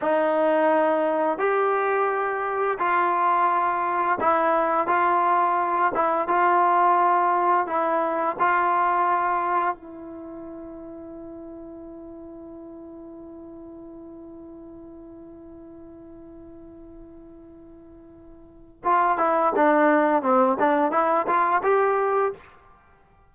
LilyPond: \new Staff \with { instrumentName = "trombone" } { \time 4/4 \tempo 4 = 86 dis'2 g'2 | f'2 e'4 f'4~ | f'8 e'8 f'2 e'4 | f'2 e'2~ |
e'1~ | e'1~ | e'2. f'8 e'8 | d'4 c'8 d'8 e'8 f'8 g'4 | }